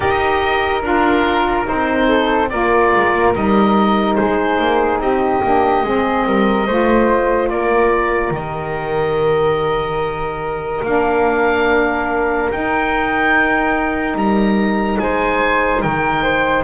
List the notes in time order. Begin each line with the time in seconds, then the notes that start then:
0.00 D#4 G4 A#4 D#5
0.82 D4 F4 A#4
1.64 D#4 C5
1.70 C4
2.07 A4
2.49 A#3 F4 A#4 D5
2.95 G#3
3.13 A#3
3.34 G3 D#4 D#5
4.15 G#3 G#4 C5
4.59 A#3
4.99 C4 G4 D#5
5.42 A#3 D4
5.83 G#3 C4 G#4
6.26 G3 A#4
6.66 A3 F4 C5
7.49 A#3 A#4 D5
8.30 D#3 G4 D#5
10.82 A#3 D4 F5
12.51 D#4 G5
14.14 G3 A#5
14.99 G#3 C5 G#5
15.82 D#3 A#4 G5
16.22 C5